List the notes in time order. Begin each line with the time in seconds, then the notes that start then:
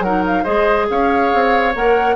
0.00 F#3 D#4 A#4 F#5
0.27 F5
0.44 G#3 G#4 C5 D#5
0.90 C#4 C#5 F5
1.34 C4
1.75 A#3 A#4 F#5